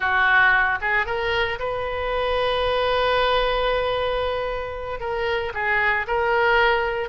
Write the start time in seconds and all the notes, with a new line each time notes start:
0.00 F#4
0.81 G#4
1.06 A#4
1.59 B4
5.00 A#4
5.54 G#4
6.07 A#4